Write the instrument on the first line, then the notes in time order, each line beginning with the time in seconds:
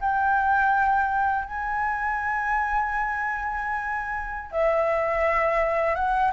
flute
0.00 G5
1.44 G#5
4.51 E5
5.95 F#5